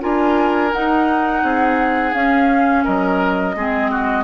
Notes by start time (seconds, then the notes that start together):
0.00 D4 F4 A#4 G#5
0.73 D#4 F#5
1.42 C4 G#4
2.14 C#4 F5
2.84 F#3 A#4 D#5
3.55 G#3 C4 G#4
3.91 F#4